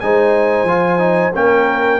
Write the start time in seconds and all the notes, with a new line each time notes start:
0.00 G#3 D#4 C5 G#5
0.64 F3 F4
0.99 D#4
1.34 A#3 C#4 A#4 G5